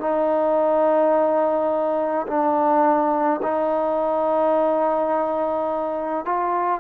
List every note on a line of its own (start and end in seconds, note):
0.00 2.26 D#4
2.27 3.41 D4
3.43 6.25 D#4
6.25 6.80 F4